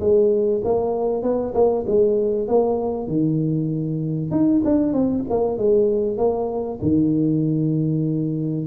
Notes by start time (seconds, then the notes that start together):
0.00 G#3
0.64 A#3
1.22 B3
1.54 A#3
1.87 G#3
2.47 A#3
3.07 D#3
4.31 D#4
4.64 D4
4.93 C4
5.30 A#3
5.58 G#3
6.17 A#3
6.82 D#3